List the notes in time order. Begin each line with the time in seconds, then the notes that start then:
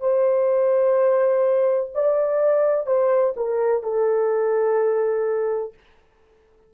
0.00 C5
1.94 D5
2.86 C5
3.36 A#4
3.83 A4